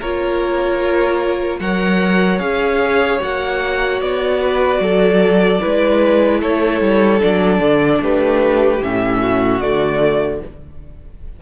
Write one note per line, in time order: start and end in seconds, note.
0.00 1.60 A#3
0.00 1.62 F4
0.00 1.60 A#4
0.00 1.60 C#5
1.60 2.40 F#3
1.60 2.40 A#4
1.60 4.41 C#5
1.60 2.39 F#5
2.39 3.20 C#4
2.39 3.20 G#4
2.39 3.19 F5
3.20 4.02 A#3
3.20 5.60 F#4
3.20 4.02 F#5
4.02 4.80 B3
4.02 6.42 D5
4.41 4.81 B4
4.80 5.60 F#3
4.80 5.62 A4
5.61 6.43 G#3
5.61 7.20 E4
5.61 6.41 B4
6.41 6.81 A3
6.41 8.01 A4
6.41 7.22 C#5
6.81 7.21 G3
7.20 7.60 F#3
7.20 8.79 D4
7.20 8.03 D5
7.60 8.00 D3
8.01 8.81 A3
8.01 9.21 G4
8.01 8.84 B4
8.81 9.61 A2
8.81 9.62 C#4
8.81 9.61 E5
9.21 10.41 F#4
9.61 10.42 D3
9.61 10.42 A3
9.61 10.41 D5